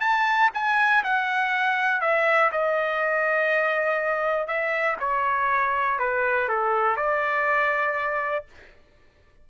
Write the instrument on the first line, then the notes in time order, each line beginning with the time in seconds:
trumpet
0.00 A5
0.53 G#5
1.03 F#5
2.01 E5
2.52 D#5
4.47 E5
4.99 C#5
5.99 B4
6.48 A4
6.96 D5